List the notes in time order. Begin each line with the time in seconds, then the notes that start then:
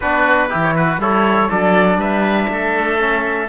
0.00 B3 D4 F#4 B4
0.48 E3 E4 G4
0.63 C#5
0.76 F#4 B4
0.98 G3 E4 A4 C#5
1.48 F#3 D4 A4 D5
1.97 G3 B4 E5
2.48 A3 A4
2.99 C#4